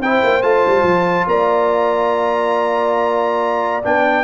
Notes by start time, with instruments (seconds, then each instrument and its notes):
0.00 tuba C4, trombone E4, horn C5, trumpet G5
0.24 tuba A#3
0.42 tuba A3, trombone F4, trumpet A5
0.66 tuba G3
0.84 tuba F3
1.27 tuba A#3, horn D5, trumpet A#5
3.83 tuba B3, trombone D4, trumpet G5